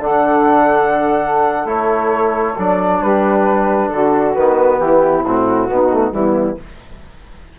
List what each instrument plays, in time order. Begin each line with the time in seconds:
0.00 bassoon D3, trombone D4, saxophone A4, flute F#5
1.65 bassoon A3, trombone E4, flute C#5
2.58 bassoon F#3, trombone D4, flute D5
3.01 bassoon G3, saxophone G4, flute B4
3.89 bassoon D3, saxophone F#4, flute A4
4.34 bassoon D#3, trombone B3, flute B4
4.79 bassoon E3, saxophone E4, flute G4
5.25 bassoon A2, trombone C4, flute F#4
5.69 bassoon B2, trombone B3, saxophone D#4
5.93 trombone A3
6.12 bassoon E3, trombone G3, saxophone B3, flute E4